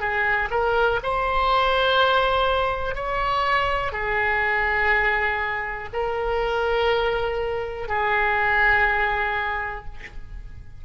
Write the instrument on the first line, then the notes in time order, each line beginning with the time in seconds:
oboe
0.00 G#4
0.51 A#4
1.03 C5
2.96 C#5
3.93 G#4
5.94 A#4
7.89 G#4